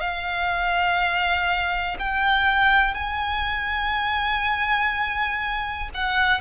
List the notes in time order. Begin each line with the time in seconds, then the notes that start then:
0.00 F5
1.99 G5
2.94 G#5
5.94 F#5